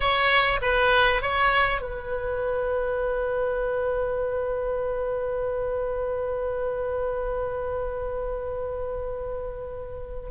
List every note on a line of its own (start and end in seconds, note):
0.00 0.60 C#5
0.61 1.21 B4
1.21 1.81 C#5
1.81 10.29 B4